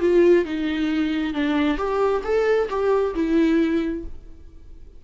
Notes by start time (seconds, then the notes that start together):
0.00 F4
0.45 D#4
1.34 D4
1.77 G4
2.24 A4
2.69 G4
3.14 E4